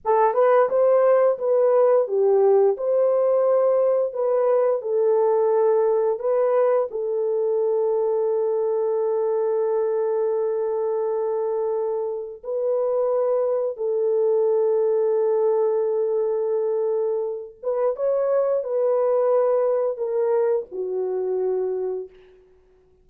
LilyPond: \new Staff \with { instrumentName = "horn" } { \time 4/4 \tempo 4 = 87 a'8 b'8 c''4 b'4 g'4 | c''2 b'4 a'4~ | a'4 b'4 a'2~ | a'1~ |
a'2 b'2 | a'1~ | a'4. b'8 cis''4 b'4~ | b'4 ais'4 fis'2 | }